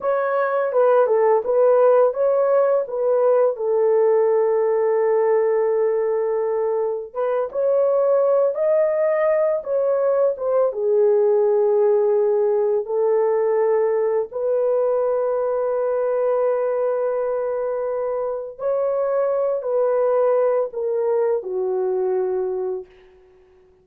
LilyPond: \new Staff \with { instrumentName = "horn" } { \time 4/4 \tempo 4 = 84 cis''4 b'8 a'8 b'4 cis''4 | b'4 a'2.~ | a'2 b'8 cis''4. | dis''4. cis''4 c''8 gis'4~ |
gis'2 a'2 | b'1~ | b'2 cis''4. b'8~ | b'4 ais'4 fis'2 | }